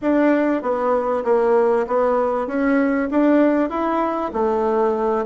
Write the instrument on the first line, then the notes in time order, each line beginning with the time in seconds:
bassoon
0.01 D4
0.62 B3
1.24 A#3
1.87 B3
2.47 C#4
3.11 D4
3.69 E4
4.33 A3